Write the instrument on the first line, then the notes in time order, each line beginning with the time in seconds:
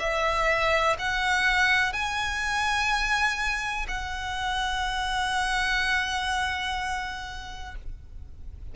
violin
0.00 E5
0.99 F#5
1.93 G#5
3.88 F#5